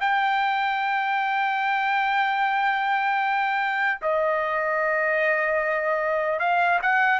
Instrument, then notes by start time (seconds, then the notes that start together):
trumpet
0.00 G5
4.02 D#5
6.40 F5
6.82 F#5